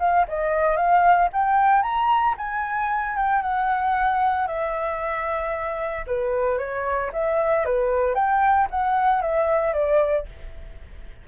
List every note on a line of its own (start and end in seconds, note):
0.00 0.26 F5
0.28 0.77 D#5
0.77 1.29 F5
1.33 1.83 G5
1.83 2.35 A#5
2.38 3.17 G#5
3.17 3.43 G5
3.43 4.48 F#5
4.48 6.06 E5
6.07 6.59 B4
6.59 7.11 C#5
7.13 7.66 E5
7.66 8.15 B4
8.15 8.68 G5
8.71 9.22 F#5
9.22 9.74 E5
9.74 10.26 D5